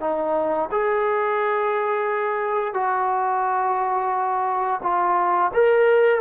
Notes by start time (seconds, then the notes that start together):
0.00 D#4
0.71 G#4
2.74 F#4
4.82 F4
5.53 A#4